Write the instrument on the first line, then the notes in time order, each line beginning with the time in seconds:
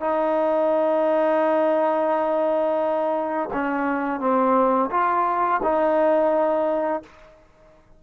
trombone
0.00 D#4
3.53 C#4
4.20 C4
4.90 F4
5.63 D#4